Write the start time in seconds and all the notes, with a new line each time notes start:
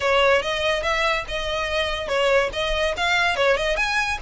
0.00 C#5
0.42 D#5
0.82 E5
1.27 D#5
2.08 C#5
2.52 D#5
2.96 F5
3.35 C#5
3.57 D#5
3.76 G#5